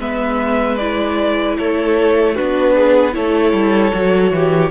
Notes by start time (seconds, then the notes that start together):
0.00 G#3 B3 B4 E5
0.77 E4 D5
1.58 A3 A4 C#5
2.36 B3 D4 F#4 B4
2.75 G#4
3.12 A3 E4 A4 C#5
3.53 G3
3.93 F#3 F#4
4.32 E3 G4